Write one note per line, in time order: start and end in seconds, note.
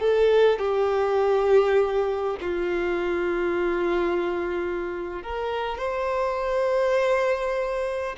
0.00 0.59 A4
0.59 2.37 G4
2.41 5.23 F4
5.23 5.78 A#4
5.78 8.16 C5